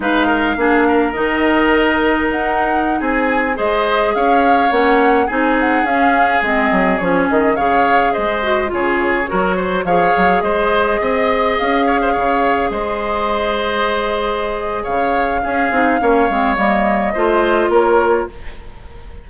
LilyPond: <<
  \new Staff \with { instrumentName = "flute" } { \time 4/4 \tempo 4 = 105 f''2 dis''2 | fis''4~ fis''16 gis''4 dis''4 f''8.~ | f''16 fis''4 gis''8 fis''8 f''4 dis''8.~ | dis''16 cis''8 dis''8 f''4 dis''4 cis''8.~ |
cis''4~ cis''16 f''4 dis''4.~ dis''16~ | dis''16 f''2 dis''4.~ dis''16~ | dis''2 f''2~ | f''4 dis''2 cis''4 | }
  \new Staff \with { instrumentName = "oboe" } { \time 4/4 b'8 ais'8 gis'8 ais'2~ ais'8~ | ais'4~ ais'16 gis'4 c''4 cis''8.~ | cis''4~ cis''16 gis'2~ gis'8.~ | gis'4~ gis'16 cis''4 c''4 gis'8.~ |
gis'16 ais'8 c''8 cis''4 c''4 dis''8.~ | dis''8. cis''16 c''16 cis''4 c''4.~ c''16~ | c''2 cis''4 gis'4 | cis''2 c''4 ais'4 | }
  \new Staff \with { instrumentName = "clarinet" } { \time 4/4 dis'4 d'4 dis'2~ | dis'2~ dis'16 gis'4.~ gis'16~ | gis'16 cis'4 dis'4 cis'4 c'8.~ | c'16 cis'4 gis'4. fis'8 f'8.~ |
f'16 fis'4 gis'2~ gis'8.~ | gis'1~ | gis'2. cis'8 dis'8 | cis'8 c'8 ais4 f'2 | }
  \new Staff \with { instrumentName = "bassoon" } { \time 4/4 gis4 ais4 dis2 | dis'4~ dis'16 c'4 gis4 cis'8.~ | cis'16 ais4 c'4 cis'4 gis8 fis16~ | fis16 f8 dis8 cis4 gis4 cis8.~ |
cis16 fis4 f8 fis8 gis4 c'8.~ | c'16 cis'4 cis4 gis4.~ gis16~ | gis2 cis4 cis'8 c'8 | ais8 gis8 g4 a4 ais4 | }
>>